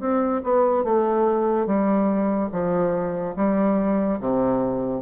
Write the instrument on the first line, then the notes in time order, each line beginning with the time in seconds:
bassoon
0.00 C4
0.44 B3
0.84 A3
1.66 G3
2.52 F3
3.36 G3
4.20 C3